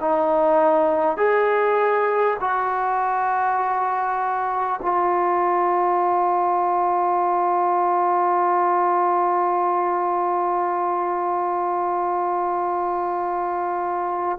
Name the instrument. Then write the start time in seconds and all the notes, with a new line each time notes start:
trombone
0.00 D#4
1.17 G#4
2.41 F#4
4.82 F4